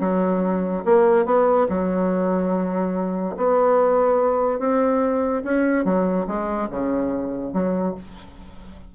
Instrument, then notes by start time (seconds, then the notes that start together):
bassoon
0.00 F#3
0.85 A#3
1.26 B3
1.69 F#3
3.36 B3
4.59 C4
5.44 C#4
5.85 F#3
6.27 G#3
6.70 C#3
7.53 F#3